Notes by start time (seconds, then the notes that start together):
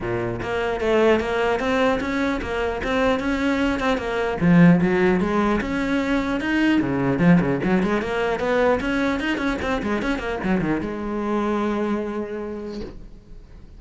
0.01 A#2
0.42 A#3
0.80 A3
1.19 A#3
1.59 C4
2.00 C#4
2.41 A#3
2.83 C4
3.19 C#4
3.79 C4
3.97 A#3
4.40 F3
4.81 F#3
5.20 G#3
5.60 C#4
6.40 D#4
6.81 C#3
7.19 F3
7.40 C#3
7.63 F#3
7.83 G#3
8.01 A#3
8.39 B3
8.80 C#4
9.20 D#4
9.37 C#4
9.62 C4
9.82 G#3
10.01 C#4
10.19 A#3
10.43 F#3
10.61 D#3
10.80 G#3